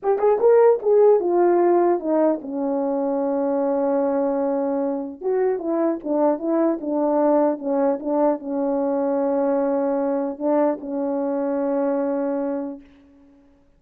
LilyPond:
\new Staff \with { instrumentName = "horn" } { \time 4/4 \tempo 4 = 150 g'8 gis'8 ais'4 gis'4 f'4~ | f'4 dis'4 cis'2~ | cis'1~ | cis'4 fis'4 e'4 d'4 |
e'4 d'2 cis'4 | d'4 cis'2.~ | cis'2 d'4 cis'4~ | cis'1 | }